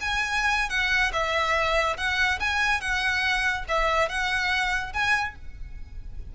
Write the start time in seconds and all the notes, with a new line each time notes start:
0.00 G#5
0.69 F#5
1.13 E5
1.97 F#5
2.40 G#5
2.80 F#5
3.68 E5
4.09 F#5
4.93 G#5